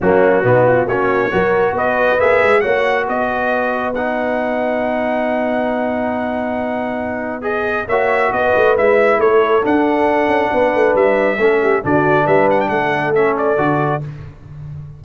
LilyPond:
<<
  \new Staff \with { instrumentName = "trumpet" } { \time 4/4 \tempo 4 = 137 fis'2 cis''2 | dis''4 e''4 fis''4 dis''4~ | dis''4 fis''2.~ | fis''1~ |
fis''4 dis''4 e''4 dis''4 | e''4 cis''4 fis''2~ | fis''4 e''2 d''4 | e''8 fis''16 g''16 fis''4 e''8 d''4. | }
  \new Staff \with { instrumentName = "horn" } { \time 4/4 cis'4 dis'8 f'8 fis'4 ais'4 | b'2 cis''4 b'4~ | b'1~ | b'1~ |
b'2 cis''4 b'4~ | b'4 a'2. | b'2 a'8 g'8 fis'4 | b'4 a'2. | }
  \new Staff \with { instrumentName = "trombone" } { \time 4/4 ais4 b4 cis'4 fis'4~ | fis'4 gis'4 fis'2~ | fis'4 dis'2.~ | dis'1~ |
dis'4 gis'4 fis'2 | e'2 d'2~ | d'2 cis'4 d'4~ | d'2 cis'4 fis'4 | }
  \new Staff \with { instrumentName = "tuba" } { \time 4/4 fis4 b,4 ais4 fis4 | b4 ais8 gis8 ais4 b4~ | b1~ | b1~ |
b2 ais4 b8 a8 | gis4 a4 d'4. cis'8 | b8 a8 g4 a4 d4 | g4 a2 d4 | }
>>